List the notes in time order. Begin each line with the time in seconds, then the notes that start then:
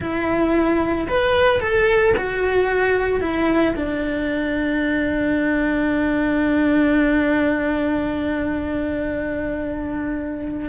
0.00 E4
1.08 B4
1.60 A4
2.16 F#4
3.20 E4
3.75 D4